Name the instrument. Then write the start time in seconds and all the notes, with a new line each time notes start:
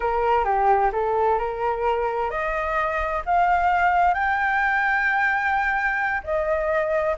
flute
0.00 A#4
0.44 G4
0.92 A4
1.38 A#4
2.30 D#5
3.25 F5
4.13 G5
6.23 D#5